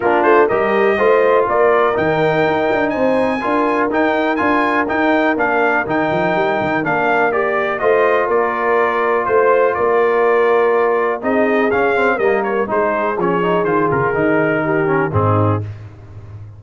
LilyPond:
<<
  \new Staff \with { instrumentName = "trumpet" } { \time 4/4 \tempo 4 = 123 ais'8 c''8 dis''2 d''4 | g''2 gis''2 | g''4 gis''4 g''4 f''4 | g''2 f''4 d''4 |
dis''4 d''2 c''4 | d''2. dis''4 | f''4 dis''8 cis''8 c''4 cis''4 | c''8 ais'2~ ais'8 gis'4 | }
  \new Staff \with { instrumentName = "horn" } { \time 4/4 f'4 ais'4 c''4 ais'4~ | ais'2 c''4 ais'4~ | ais'1~ | ais'1 |
c''4 ais'2 c''4 | ais'2. gis'4~ | gis'4 ais'4 gis'2~ | gis'2 g'4 dis'4 | }
  \new Staff \with { instrumentName = "trombone" } { \time 4/4 d'4 g'4 f'2 | dis'2. f'4 | dis'4 f'4 dis'4 d'4 | dis'2 d'4 g'4 |
f'1~ | f'2. dis'4 | cis'8 c'8 ais4 dis'4 cis'8 dis'8 | f'4 dis'4. cis'8 c'4 | }
  \new Staff \with { instrumentName = "tuba" } { \time 4/4 ais8 a8 g4 a4 ais4 | dis4 dis'8 d'8 c'4 d'4 | dis'4 d'4 dis'4 ais4 | dis8 f8 g8 dis8 ais2 |
a4 ais2 a4 | ais2. c'4 | cis'4 g4 gis4 f4 | dis8 cis8 dis2 gis,4 | }
>>